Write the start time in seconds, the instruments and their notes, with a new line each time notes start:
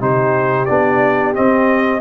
0.00 tuba C3, trombone D#4, horn G4, trumpet C5
0.66 tuba B3, trombone D4, trumpet D5
1.34 trombone C4, tuba C4, trumpet D#5